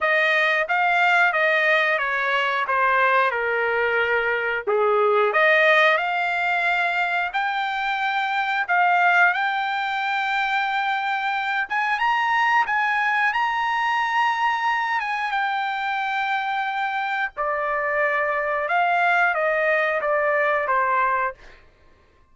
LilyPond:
\new Staff \with { instrumentName = "trumpet" } { \time 4/4 \tempo 4 = 90 dis''4 f''4 dis''4 cis''4 | c''4 ais'2 gis'4 | dis''4 f''2 g''4~ | g''4 f''4 g''2~ |
g''4. gis''8 ais''4 gis''4 | ais''2~ ais''8 gis''8 g''4~ | g''2 d''2 | f''4 dis''4 d''4 c''4 | }